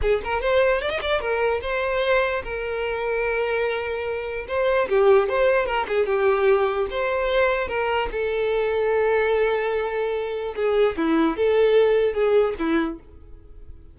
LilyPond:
\new Staff \with { instrumentName = "violin" } { \time 4/4 \tempo 4 = 148 gis'8 ais'8 c''4 d''16 dis''16 d''8 ais'4 | c''2 ais'2~ | ais'2. c''4 | g'4 c''4 ais'8 gis'8 g'4~ |
g'4 c''2 ais'4 | a'1~ | a'2 gis'4 e'4 | a'2 gis'4 e'4 | }